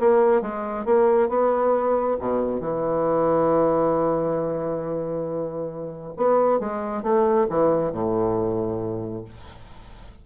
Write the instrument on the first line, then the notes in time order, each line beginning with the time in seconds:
bassoon
0.00 A#3
0.42 G#3
0.86 A#3
1.29 B3
2.20 B2
2.61 E3
6.17 B3
6.60 G#3
7.03 A3
7.50 E3
7.93 A2